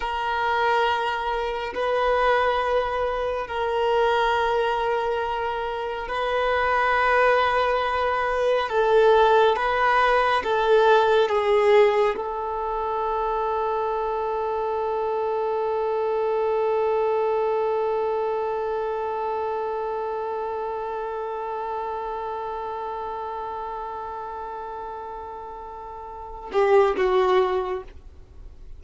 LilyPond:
\new Staff \with { instrumentName = "violin" } { \time 4/4 \tempo 4 = 69 ais'2 b'2 | ais'2. b'4~ | b'2 a'4 b'4 | a'4 gis'4 a'2~ |
a'1~ | a'1~ | a'1~ | a'2~ a'8 g'8 fis'4 | }